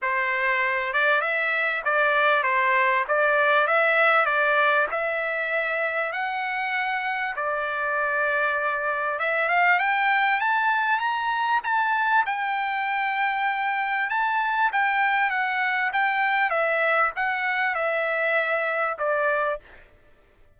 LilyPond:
\new Staff \with { instrumentName = "trumpet" } { \time 4/4 \tempo 4 = 98 c''4. d''8 e''4 d''4 | c''4 d''4 e''4 d''4 | e''2 fis''2 | d''2. e''8 f''8 |
g''4 a''4 ais''4 a''4 | g''2. a''4 | g''4 fis''4 g''4 e''4 | fis''4 e''2 d''4 | }